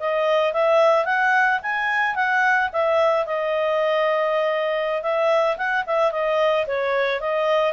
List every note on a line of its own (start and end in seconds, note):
0.00 0.53 D#5
0.53 1.06 E5
1.06 1.60 F#5
1.63 2.16 G#5
2.16 2.70 F#5
2.73 3.27 E5
3.27 5.03 D#5
5.03 5.57 E5
5.57 5.85 F#5
5.87 6.12 E5
6.12 6.66 D#5
6.67 7.21 C#5
7.21 7.74 D#5